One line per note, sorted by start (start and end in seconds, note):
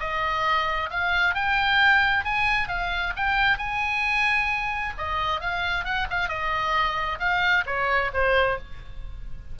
0.00 0.90 D#5
0.91 1.35 F5
1.35 2.25 G5
2.25 2.69 G#5
2.69 3.14 F5
3.16 3.58 G5
3.58 4.94 G#5
4.98 5.41 D#5
5.41 5.85 F5
5.85 6.08 F#5
6.10 6.29 F5
6.29 7.19 D#5
7.20 7.65 F5
7.67 8.12 C#5
8.13 8.59 C5